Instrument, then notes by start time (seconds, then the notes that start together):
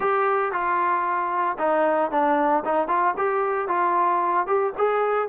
trombone
0.00 G4
0.52 F4
1.58 D#4
2.11 D4
2.64 D#4
2.88 F4
3.17 G4
3.68 F4
4.46 G4
4.77 G#4